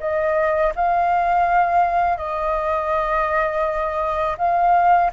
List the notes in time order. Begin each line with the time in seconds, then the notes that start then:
0.00 D#5
0.75 F5
2.18 D#5
4.38 F5